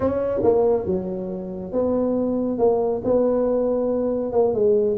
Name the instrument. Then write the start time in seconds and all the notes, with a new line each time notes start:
tuba
0.00 C#4
0.43 A#3
0.86 F#3
1.72 B3
2.58 A#3
3.04 B3
4.32 A#3
4.54 G#3